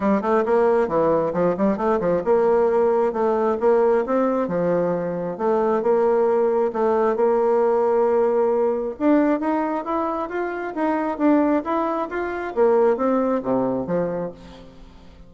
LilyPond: \new Staff \with { instrumentName = "bassoon" } { \time 4/4 \tempo 4 = 134 g8 a8 ais4 e4 f8 g8 | a8 f8 ais2 a4 | ais4 c'4 f2 | a4 ais2 a4 |
ais1 | d'4 dis'4 e'4 f'4 | dis'4 d'4 e'4 f'4 | ais4 c'4 c4 f4 | }